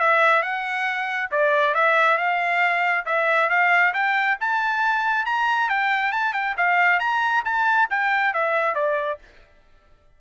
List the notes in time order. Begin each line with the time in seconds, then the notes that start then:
0.00 E5
0.43 F#5
1.32 D5
1.75 E5
2.18 F5
3.06 E5
3.50 F5
3.94 G5
4.41 A5
5.26 A#5
5.70 G5
6.13 A5
6.34 G5
6.58 F5
7.00 A#5
7.45 A5
7.90 G5
8.34 E5
8.76 D5